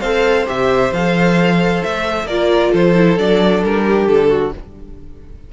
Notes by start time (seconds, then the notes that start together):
0.00 C4 A4 C5 F5
0.47 C3 G4 E5
0.92 F3 A4 F5
1.83 A3 E5
2.24 A#3 F4 A#4 D5
2.72 F3 A4 C5
2.95 E4
3.17 F#3 D4 D5
3.63 G3 A#4
3.85 G4
4.07 D3 A4
4.29 F#4